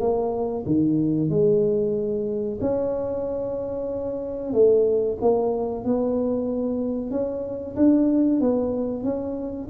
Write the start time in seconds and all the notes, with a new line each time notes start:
0.00 A#3
0.66 D#3
1.30 G#3
2.61 C#4
4.53 A3
5.21 A#3
5.84 B3
7.11 C#4
7.76 D4
8.41 B3
9.04 C#4